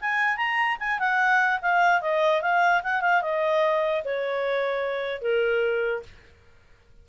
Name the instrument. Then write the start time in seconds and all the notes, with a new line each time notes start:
clarinet
0.00 G#5
0.36 A#5
0.79 G#5
0.99 F#5
1.62 F5
2.01 D#5
2.41 F5
2.83 F#5
3.01 F5
3.22 D#5
4.04 C#5
5.21 A#4